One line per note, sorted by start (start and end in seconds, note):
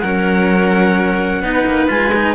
0.00 1.41 F#3
0.00 1.44 C#4
0.00 1.42 A#4
0.00 1.88 F#5
1.41 1.65 B3
1.41 1.88 D#4
1.41 2.35 B4
1.66 1.89 A#3
1.88 2.35 G#3
1.88 2.12 F4
1.88 2.35 G#5
2.14 2.35 D#4